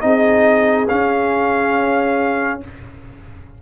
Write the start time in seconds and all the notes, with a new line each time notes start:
0.00 C4 D#4 G#4 D#5
0.88 C#4 F5